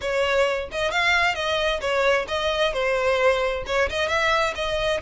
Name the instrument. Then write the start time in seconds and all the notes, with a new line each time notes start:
violin
0.01 C#5
0.71 D#5
0.91 F5
1.35 D#5
1.80 C#5
2.27 D#5
2.73 C5
3.66 C#5
3.89 D#5
4.08 E5
4.55 D#5